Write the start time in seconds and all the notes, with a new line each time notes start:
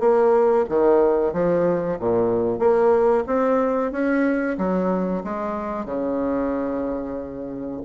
0.00 A#3
0.70 D#3
1.33 F3
2.00 A#2
2.59 A#3
3.27 C4
3.92 C#4
4.58 F#3
5.24 G#3
5.86 C#3